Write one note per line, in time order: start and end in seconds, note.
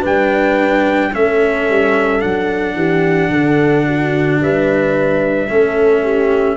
0.00 1.14 G3
0.00 1.11 D4
0.00 1.09 B4
0.00 1.14 G5
1.12 1.69 A3
1.12 2.19 C#4
1.12 2.76 A4
1.12 2.20 E5
1.69 2.23 G3
2.19 2.74 F#3
2.19 5.46 D4
2.19 4.39 F#5
2.74 3.29 E3
2.74 3.30 G4
3.30 4.39 D3
3.30 3.86 A4
3.86 4.41 F#4
4.39 5.48 G3
4.39 5.51 B4
4.39 6.56 E5
5.49 6.56 A3
5.49 6.56 C#4
5.49 6.03 A4
6.03 6.56 G4